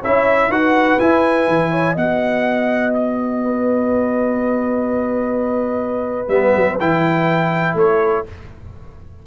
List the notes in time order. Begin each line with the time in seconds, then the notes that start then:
0.00 C#4 E4 C#5 E5
0.48 D#4 F#4 B4 F#5
0.99 E4 G#5
1.48 E3
1.71 C#5
1.92 B3 F#4 D#5 F#5
2.93 D#5
3.44 B4
6.28 G3 B3 E5
6.56 F#3
6.80 E3 E4 G5
7.74 A3 A4 C#5